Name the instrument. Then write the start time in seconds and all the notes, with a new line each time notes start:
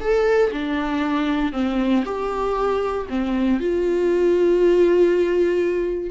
viola
0.00 A4
0.52 D4
1.52 C4
2.05 G4
3.09 C4
3.60 F4